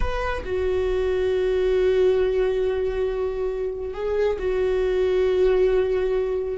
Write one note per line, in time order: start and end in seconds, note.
0.00 0.43 B4
0.44 3.93 F#4
3.93 4.37 G#4
4.39 6.57 F#4